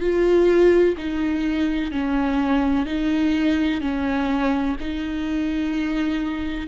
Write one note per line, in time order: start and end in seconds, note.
0.00 0.95 F4
0.97 1.91 D#4
1.91 2.86 C#4
2.86 3.81 D#4
3.81 4.76 C#4
4.80 6.68 D#4